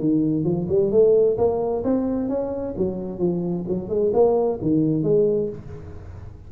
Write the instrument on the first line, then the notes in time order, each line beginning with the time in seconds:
tuba
0.00 D#3
0.44 F3
0.69 G3
0.92 A3
1.38 A#3
1.84 C4
2.29 C#4
2.78 F#3
3.19 F3
3.68 F#3
3.89 G#3
4.13 A#3
4.62 D#3
5.03 G#3